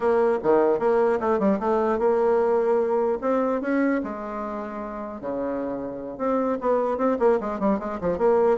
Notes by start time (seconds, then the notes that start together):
0.00 A#3
0.43 D#3
0.79 A#3
1.20 A3
1.39 G3
1.59 A3
1.99 A#3
3.21 C4
3.61 C#4
4.03 G#3
5.20 C#3
6.17 C4
6.61 B3
6.97 C4
7.19 A#3
7.40 G#3
7.59 G3
7.79 G#3
8.01 F3
8.18 A#3